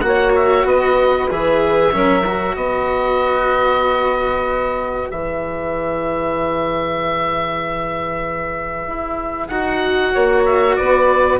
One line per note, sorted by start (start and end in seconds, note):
0.00 0.65 A#3
0.00 1.29 F#4
0.00 0.32 F#5
0.06 0.66 C#5
0.35 0.67 E5
0.65 1.28 B3
0.65 1.93 B4
0.65 1.30 D#5
1.30 1.93 E3
1.30 1.92 G#4
1.30 2.56 E5
1.92 2.56 F#3
1.92 2.24 C#4
1.92 2.55 A#4
2.26 5.10 F#4
2.55 5.09 B3
2.55 10.13 B4
2.55 5.09 D#5
5.10 8.87 E3
5.10 9.51 G#4
5.10 9.48 E5
8.87 9.49 E4
9.48 10.12 D#4
9.48 11.40 F#4
9.48 10.43 F#5
10.13 10.79 A#3
10.13 10.76 C#5
10.45 10.76 E5
10.76 11.40 B3
10.76 11.40 B4
10.76 11.39 D5